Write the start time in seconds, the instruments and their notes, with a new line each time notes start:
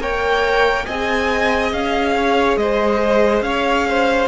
0.00 cello A#3, viola A#4, violin C#5 G5
0.86 cello C4, viola G#4, violin D#5 G#5
1.72 cello C#4, violin F5
2.17 violin C#5
2.57 cello G#3, violin C5 D#5
3.42 cello C#4, violin C#5 F5
3.89 violin C5